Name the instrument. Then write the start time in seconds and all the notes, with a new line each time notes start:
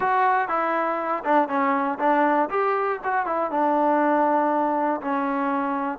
trombone
0.00 F#4
0.48 E4
1.24 D4
1.48 C#4
1.99 D4
2.49 G4
3.04 F#4
3.25 E4
3.50 D4
5.01 C#4